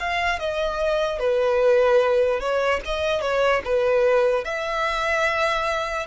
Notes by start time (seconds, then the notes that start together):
0.00 F5
0.39 D#5
1.19 B4
2.40 C#5
2.86 D#5
3.22 C#5
3.65 B4
4.45 E5